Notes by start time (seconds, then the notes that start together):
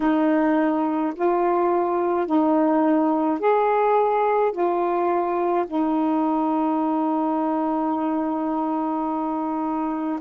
0.00 D#4
1.15 F4
2.26 D#4
3.39 G#4
4.52 F4
5.67 D#4